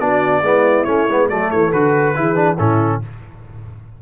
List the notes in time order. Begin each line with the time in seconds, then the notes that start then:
0.00 B3 D4 F#4 D5
0.42 G#3 B3 E4
0.84 A3 C#4 C#5
1.09 G#3 B3
1.29 F#3 A3 A4 D5
1.51 E3 C#5
1.72 D3 F#4 B4
2.15 E3 E4 G#4
2.35 D4
2.57 A2 C#4 E4 A4